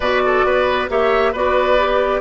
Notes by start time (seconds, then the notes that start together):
0.00 B2 F#4 B4 D5
0.25 A4
0.44 B3 B4
0.89 A#3 G4 C#5 E5
1.32 B3 F#4 B4 D5
1.77 G4